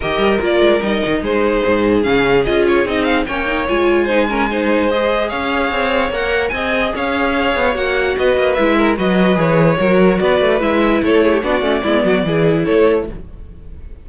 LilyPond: <<
  \new Staff \with { instrumentName = "violin" } { \time 4/4 \tempo 4 = 147 dis''4 d''4 dis''4 c''4~ | c''4 f''4 dis''8 cis''8 dis''8 f''8 | g''4 gis''2. | dis''4 f''2 fis''4 |
gis''4 f''2 fis''4 | dis''4 e''4 dis''4 cis''4~ | cis''4 d''4 e''4 cis''4 | d''2. cis''4 | }
  \new Staff \with { instrumentName = "violin" } { \time 4/4 ais'2. gis'4~ | gis'1 | cis''2 c''8 ais'8 c''4~ | c''4 cis''2. |
dis''4 cis''2. | b'4. ais'8 b'2 | ais'4 b'2 a'8 gis'16 g'16 | fis'4 e'8 fis'8 gis'4 a'4 | }
  \new Staff \with { instrumentName = "viola" } { \time 4/4 g'4 f'4 dis'2~ | dis'4 cis'4 f'4 dis'4 | cis'8 dis'8 f'4 dis'8 cis'8 dis'4 | gis'2. ais'4 |
gis'2. fis'4~ | fis'4 e'4 fis'4 gis'4 | fis'2 e'2 | d'8 cis'8 b4 e'2 | }
  \new Staff \with { instrumentName = "cello" } { \time 4/4 dis8 g8 ais8 gis8 g8 dis8 gis4 | gis,4 cis4 cis'4 c'4 | ais4 gis2.~ | gis4 cis'4 c'4 ais4 |
c'4 cis'4. b8 ais4 | b8 ais8 gis4 fis4 e4 | fis4 b8 a8 gis4 a4 | b8 a8 gis8 fis8 e4 a4 | }
>>